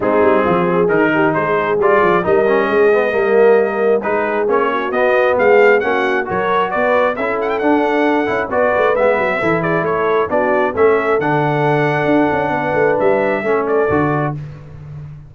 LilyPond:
<<
  \new Staff \with { instrumentName = "trumpet" } { \time 4/4 \tempo 4 = 134 gis'2 ais'4 c''4 | d''4 dis''2.~ | dis''4 b'4 cis''4 dis''4 | f''4 fis''4 cis''4 d''4 |
e''8 fis''16 g''16 fis''2 d''4 | e''4. d''8 cis''4 d''4 | e''4 fis''2.~ | fis''4 e''4. d''4. | }
  \new Staff \with { instrumentName = "horn" } { \time 4/4 dis'4 f'8 gis'4 g'8 gis'4~ | gis'4 ais'4 gis'4 ais'4~ | ais'4 gis'4. fis'4. | gis'4 fis'4 ais'4 b'4 |
a'2. b'4~ | b'4 a'8 gis'8 a'4 fis'4 | a'1 | b'2 a'2 | }
  \new Staff \with { instrumentName = "trombone" } { \time 4/4 c'2 dis'2 | f'4 dis'8 cis'4 b8 ais4~ | ais4 dis'4 cis'4 b4~ | b4 cis'4 fis'2 |
e'4 d'4. e'8 fis'4 | b4 e'2 d'4 | cis'4 d'2.~ | d'2 cis'4 fis'4 | }
  \new Staff \with { instrumentName = "tuba" } { \time 4/4 gis8 g8 f4 dis4 gis4 | g8 f8 g4 gis4 g4~ | g4 gis4 ais4 b4 | gis4 ais4 fis4 b4 |
cis'4 d'4. cis'8 b8 a8 | gis8 fis8 e4 a4 b4 | a4 d2 d'8 cis'8 | b8 a8 g4 a4 d4 | }
>>